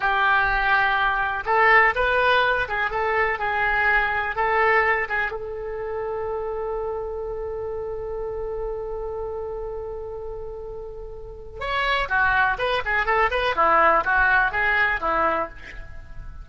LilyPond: \new Staff \with { instrumentName = "oboe" } { \time 4/4 \tempo 4 = 124 g'2. a'4 | b'4. gis'8 a'4 gis'4~ | gis'4 a'4. gis'8 a'4~ | a'1~ |
a'1~ | a'1 | cis''4 fis'4 b'8 gis'8 a'8 b'8 | e'4 fis'4 gis'4 e'4 | }